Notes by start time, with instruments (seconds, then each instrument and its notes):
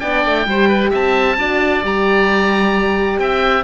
0.00 cello B3, horn D4, oboe D5 G5
0.25 cello A3
0.46 cello G3, horn G4, oboe C5
0.69 oboe B4
0.90 cello C4, oboe E5 A5
1.37 cello D4, horn F#4, oboe D5
1.83 cello G3, horn G4, oboe A#5
3.18 cello C4, oboe E5 G5